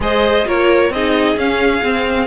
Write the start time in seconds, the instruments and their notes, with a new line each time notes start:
0.00 cello G#3, viola G#4, violin C5 D#5
0.46 cello A#3, viola F4, violin A#4 C#5
0.89 cello C4, viola D#4, violin G#4 D#5
1.35 viola C#4, cello C#4, violin F5
1.83 cello C4, viola C4